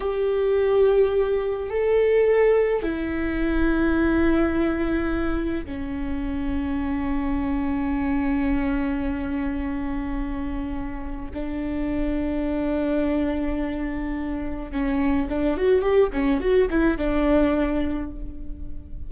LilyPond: \new Staff \with { instrumentName = "viola" } { \time 4/4 \tempo 4 = 106 g'2. a'4~ | a'4 e'2.~ | e'2 cis'2~ | cis'1~ |
cis'1 | d'1~ | d'2 cis'4 d'8 fis'8 | g'8 cis'8 fis'8 e'8 d'2 | }